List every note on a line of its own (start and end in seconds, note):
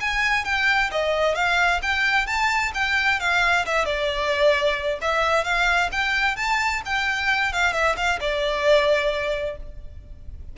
0.00 0.44 G#5
0.44 0.90 G5
0.91 1.35 D#5
1.35 1.80 F5
1.82 2.26 G5
2.26 2.71 A5
2.74 3.19 G5
3.19 3.65 F5
3.65 3.85 E5
3.85 4.99 D5
5.01 5.44 E5
5.44 5.89 F5
5.91 6.36 G5
6.36 6.81 A5
6.85 7.52 G5
7.52 7.73 F5
7.73 7.95 E5
7.96 8.19 F5
8.20 9.56 D5